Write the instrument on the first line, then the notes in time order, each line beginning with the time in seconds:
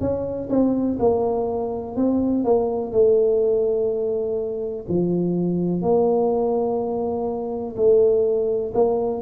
tuba
0.00 C#4
0.49 C4
0.99 A#3
1.96 C4
2.44 A#3
2.92 A3
4.88 F3
5.82 A#3
7.76 A3
8.74 A#3